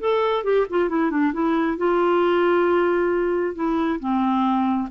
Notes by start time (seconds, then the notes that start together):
0.00 A4
0.44 G4
0.70 F4
0.89 E4
1.11 D4
1.33 E4
1.78 F4
3.55 E4
4.00 C4